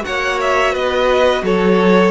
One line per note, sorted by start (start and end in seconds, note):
0.00 2.09 F#4
0.00 0.40 F#5
0.06 0.75 A#3
0.06 0.73 C#5
0.41 0.74 E5
0.73 1.42 B3
0.73 1.42 B4
0.73 1.44 D#5
1.42 2.11 F#3
1.42 2.11 A4
1.42 2.11 C#5